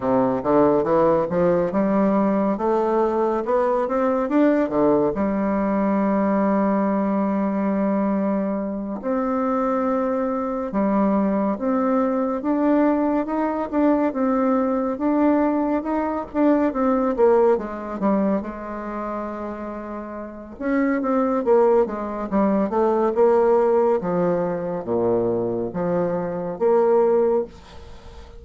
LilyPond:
\new Staff \with { instrumentName = "bassoon" } { \time 4/4 \tempo 4 = 70 c8 d8 e8 f8 g4 a4 | b8 c'8 d'8 d8 g2~ | g2~ g8 c'4.~ | c'8 g4 c'4 d'4 dis'8 |
d'8 c'4 d'4 dis'8 d'8 c'8 | ais8 gis8 g8 gis2~ gis8 | cis'8 c'8 ais8 gis8 g8 a8 ais4 | f4 ais,4 f4 ais4 | }